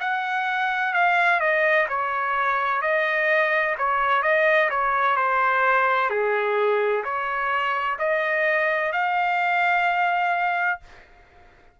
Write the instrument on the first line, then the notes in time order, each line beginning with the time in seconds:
trumpet
0.00 F#5
0.93 F5
1.40 D#5
1.89 C#5
2.81 D#5
3.78 C#5
4.22 D#5
4.70 C#5
5.16 C5
6.09 G#4
7.04 C#5
7.99 D#5
8.92 F5